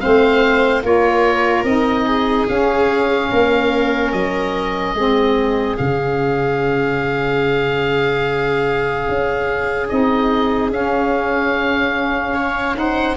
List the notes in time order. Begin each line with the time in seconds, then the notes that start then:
0.00 A3 C4 C5 F5
0.83 A#3 F4 A#4 C#5
1.64 C4 D#4 D#5
2.06 G#4
2.49 C#4 F5
3.31 A#3 A#4
4.13 F#3 D#5
4.94 G#3 C4 G#4
5.77 C#3 C#4 F5
9.09 C#4
9.89 C4 D#4 D#5
10.71 C#4 F5
12.34 C#5
12.75 D#4 C5 F#5